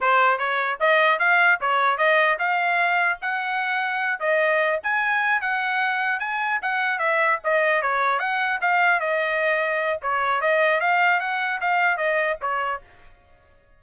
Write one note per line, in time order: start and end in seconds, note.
0.00 0.38 C5
0.38 0.78 C#5
0.80 1.19 D#5
1.19 1.59 F5
1.61 1.97 C#5
1.97 2.37 D#5
2.38 3.18 F5
3.21 4.19 F#5
4.19 4.79 D#5
4.83 5.41 G#5
5.41 6.19 F#5
6.19 6.59 G#5
6.62 6.98 F#5
6.98 7.38 E5
7.44 7.81 D#5
7.81 8.19 C#5
8.19 8.59 F#5
8.61 9.00 F5
9.00 10.00 D#5
10.02 10.41 C#5
10.41 10.80 D#5
10.80 11.19 F5
11.19 11.59 F#5
11.60 11.97 F5
11.97 12.37 D#5
12.41 12.81 C#5